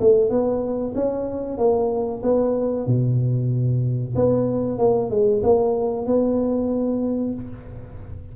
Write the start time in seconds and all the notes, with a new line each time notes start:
0.00 A3
0.30 B3
0.95 C#4
1.58 A#3
2.23 B3
2.86 B2
4.15 B3
4.78 A#3
5.10 G#3
5.43 A#3
6.06 B3